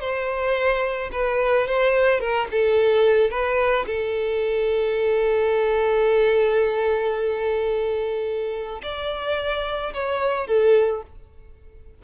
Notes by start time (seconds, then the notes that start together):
0.00 C5
1.12 B4
1.67 C5
2.20 A#4
2.51 A4
3.30 B4
3.86 A4
8.83 D5
9.93 C#5
10.47 A4